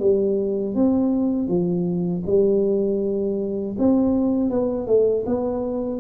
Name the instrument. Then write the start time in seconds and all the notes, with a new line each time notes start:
tuba
0.00 G3
0.75 C4
1.48 F3
2.27 G3
3.78 C4
4.50 B3
4.87 A3
5.26 B3